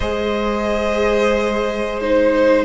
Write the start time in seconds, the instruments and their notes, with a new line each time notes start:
0.00 cello G#3, viola G#4, violin C5 D#5
2.00 viola D#4, violin C5